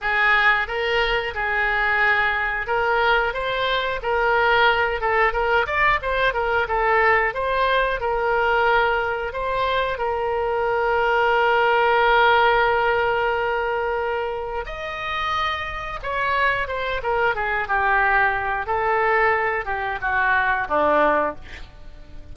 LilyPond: \new Staff \with { instrumentName = "oboe" } { \time 4/4 \tempo 4 = 90 gis'4 ais'4 gis'2 | ais'4 c''4 ais'4. a'8 | ais'8 d''8 c''8 ais'8 a'4 c''4 | ais'2 c''4 ais'4~ |
ais'1~ | ais'2 dis''2 | cis''4 c''8 ais'8 gis'8 g'4. | a'4. g'8 fis'4 d'4 | }